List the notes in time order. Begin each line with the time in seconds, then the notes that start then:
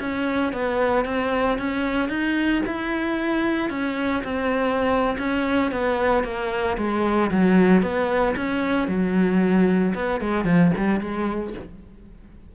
0.00 C#4
0.53 B3
1.05 C4
1.59 C#4
2.09 D#4
2.66 E4
3.70 C#4
4.24 C4
5.19 C#4
5.72 B3
6.24 A#3
6.78 G#3
7.32 F#3
7.82 B3
8.37 C#4
8.88 F#3
9.95 B3
10.21 G#3
10.45 F3
10.78 G3
11.01 G#3